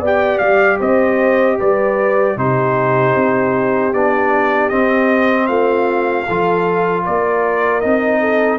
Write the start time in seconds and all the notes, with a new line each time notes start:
0.00 B3 G4 D5
0.06 G5
0.38 G3 F5
0.79 C4 C5 D#5
1.58 G3 B4 D5
2.36 C3 D#4 G4 C5
3.16 C4
3.93 B3 D4 D5
4.69 C4 D#5
5.46 A3 F4 F5
6.25 F3 F4 A4
7.04 A#3 A#4 D5
7.80 C4 D#4 D#5
8.20 A4